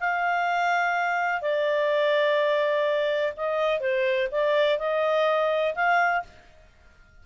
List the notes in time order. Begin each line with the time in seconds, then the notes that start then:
0.00 F5
1.41 D5
3.36 D#5
3.80 C5
4.31 D5
4.78 D#5
5.75 F5